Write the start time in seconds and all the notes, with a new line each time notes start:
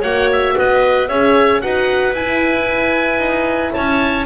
0.00 A#3 F#4 C#5 F#5
0.32 E5
0.56 B3 B4 D#5
1.08 C#4 G#4 C#5 E5
1.61 D#4 F#4 B4 F#5
2.13 E4 G#5
2.20 E4
3.18 D#4
3.73 C#4 C#5 A5